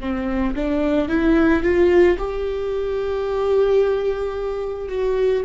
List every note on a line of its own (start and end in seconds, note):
0.00 0.55 C4
0.55 1.09 D4
1.09 1.63 E4
1.63 2.18 F4
2.18 4.89 G4
4.89 5.43 F#4